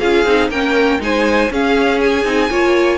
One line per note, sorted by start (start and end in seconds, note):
0.00 0.25 C#4
0.00 0.27 F4
0.00 0.50 G#4
0.00 0.50 F5
0.25 0.49 C4
0.25 0.51 D#4
0.49 0.99 A#3
0.49 1.00 C#4
0.49 1.00 A#4
0.49 1.01 G5
1.00 1.50 G#3
1.00 1.50 D#4
1.00 1.52 C5
1.00 1.53 G#5
1.51 2.25 C#4
1.51 2.51 G#4
1.51 2.00 F5
2.00 2.98 G#5
2.25 2.50 C4
2.25 2.49 D#4
2.49 2.98 A#3
2.49 2.98 F4
2.49 2.98 C#5